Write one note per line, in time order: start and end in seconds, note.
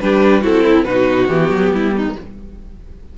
0.00 0.44 G3
0.00 0.42 D4
0.00 0.42 G4
0.00 0.43 B4
0.42 0.85 C4
0.42 0.86 E4
0.42 0.63 F#4
0.42 0.85 A4
0.63 0.85 E4
0.85 1.29 B2
0.85 1.30 D#4
0.85 1.71 F#4
0.85 1.27 B4
1.27 1.50 E3
1.27 2.17 B3
1.27 2.14 G4
1.50 1.71 F#3
1.73 2.16 G3
1.73 1.95 E4
1.96 2.18 D#4